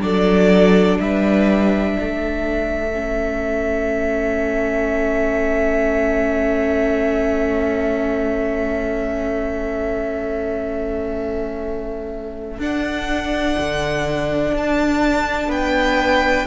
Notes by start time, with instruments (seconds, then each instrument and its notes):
0.00 cello F#3, viola D4, violin A4 D5
1.00 cello G3, violin B4 E5
1.96 cello A3, violin A4
2.94 viola C#4
12.58 cello D4, viola D4, violin F#5
13.59 cello D3
14.52 cello D4, violin A5
15.48 cello B3, violin B4 G5